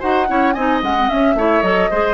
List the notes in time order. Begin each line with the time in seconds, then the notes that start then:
0.00 D#4 F#4 C5 F#5
0.28 C#4 E4 C#5
0.53 C4 D#4 D#5 G#5
0.82 G#3 C#4 F#5
0.99 C4
1.09 C#4 E5
1.35 A3 E4 C#5
1.63 F#3 A4 D#5
1.91 G#3 G#4 C5